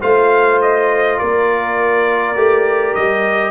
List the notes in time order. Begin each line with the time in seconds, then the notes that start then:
0.00 A3 F4 C5 F5
0.62 D#5
1.18 A#3 A#4 D5
2.36 A3 G4
2.95 G3 D#5